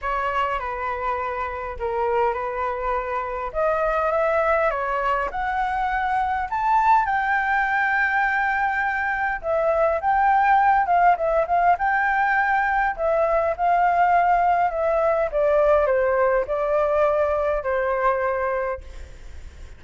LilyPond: \new Staff \with { instrumentName = "flute" } { \time 4/4 \tempo 4 = 102 cis''4 b'2 ais'4 | b'2 dis''4 e''4 | cis''4 fis''2 a''4 | g''1 |
e''4 g''4. f''8 e''8 f''8 | g''2 e''4 f''4~ | f''4 e''4 d''4 c''4 | d''2 c''2 | }